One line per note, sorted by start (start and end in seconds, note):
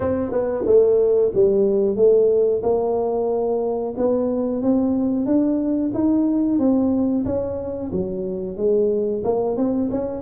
0.00 0.31 C4
0.31 0.64 B3
0.66 1.32 A3
1.34 1.96 G3
1.96 2.62 A3
2.62 3.94 A#3
3.97 4.62 B3
4.62 5.25 C4
5.25 5.91 D4
5.93 6.58 D#4
6.58 7.24 C4
7.25 7.91 C#4
7.92 8.57 F#3
8.57 9.22 G#3
9.24 9.57 A#3
9.57 9.90 C4
9.90 10.21 C#4